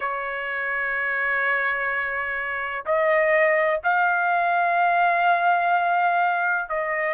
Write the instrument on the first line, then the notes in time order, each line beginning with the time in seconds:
trumpet
0.00 C#5
2.85 D#5
3.83 F5
6.69 D#5